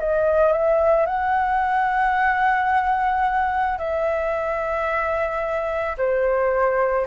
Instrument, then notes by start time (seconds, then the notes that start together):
flute
0.00 D#5
0.53 E5
1.07 F#5
3.79 E5
5.98 C5